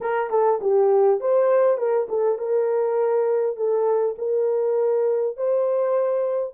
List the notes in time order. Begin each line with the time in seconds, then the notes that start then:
0.00 A#4
0.30 A4
0.61 G4
1.20 C5
1.77 A#4
2.08 A4
2.38 A#4
3.56 A4
4.18 A#4
5.36 C5